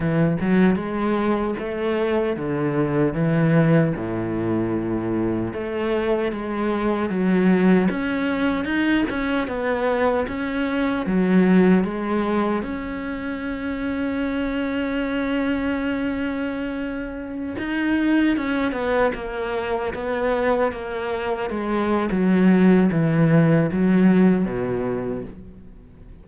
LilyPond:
\new Staff \with { instrumentName = "cello" } { \time 4/4 \tempo 4 = 76 e8 fis8 gis4 a4 d4 | e4 a,2 a4 | gis4 fis4 cis'4 dis'8 cis'8 | b4 cis'4 fis4 gis4 |
cis'1~ | cis'2~ cis'16 dis'4 cis'8 b16~ | b16 ais4 b4 ais4 gis8. | fis4 e4 fis4 b,4 | }